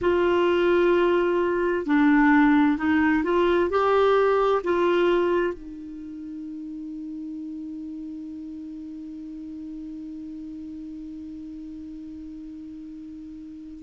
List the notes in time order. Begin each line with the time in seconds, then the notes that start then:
0.01 F4
1.85 D4
2.77 D#4
3.23 F4
3.69 G4
4.63 F4
5.53 D#4